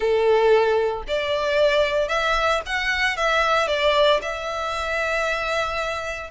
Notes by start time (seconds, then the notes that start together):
0.00 A4
1.07 D5
2.08 E5
2.66 F#5
3.16 E5
3.67 D5
4.22 E5